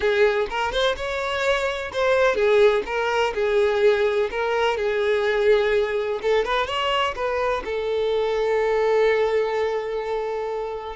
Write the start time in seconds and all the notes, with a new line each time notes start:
0.00 G#4
0.49 A#4
0.71 C5
0.96 C#5
1.92 C5
2.35 G#4
2.85 A#4
3.34 G#4
4.30 A#4
4.77 G#4
6.22 A4
6.44 B4
6.66 C#5
7.15 B4
7.64 A4